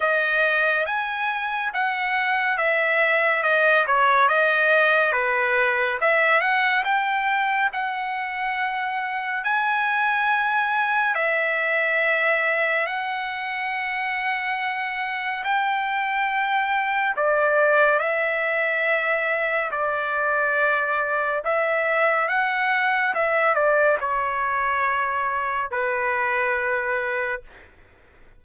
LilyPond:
\new Staff \with { instrumentName = "trumpet" } { \time 4/4 \tempo 4 = 70 dis''4 gis''4 fis''4 e''4 | dis''8 cis''8 dis''4 b'4 e''8 fis''8 | g''4 fis''2 gis''4~ | gis''4 e''2 fis''4~ |
fis''2 g''2 | d''4 e''2 d''4~ | d''4 e''4 fis''4 e''8 d''8 | cis''2 b'2 | }